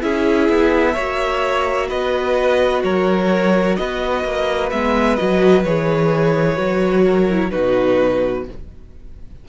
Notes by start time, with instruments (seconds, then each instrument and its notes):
0.00 cello C#4, viola E4, violin G#4 E5
0.49 cello B3
0.93 cello A#3, viola F#4, violin C#5
1.88 cello B3, violin B4 D#5
2.83 cello F#3, violin A#4 C#5
3.76 cello B3, violin B4 D#5
4.24 cello A#3
4.70 cello G#3, viola B3, violin E5
5.16 cello F#3, viola F#4, violin D#5
5.63 cello E3, viola G#4, violin C#5
6.56 cello F#3, viola F#4
7.04 violin A#4
7.30 viola E4
7.50 cello B2, viola D#4, violin F#4 B4